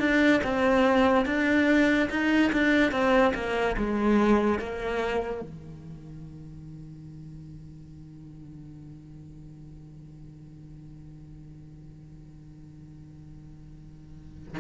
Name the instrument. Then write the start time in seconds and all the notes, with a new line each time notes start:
cello
0.00 D4
0.44 C4
1.26 D4
2.11 D#4
2.53 D4
2.92 C4
3.34 A#3
3.77 G#3
4.59 A#3
5.42 D#3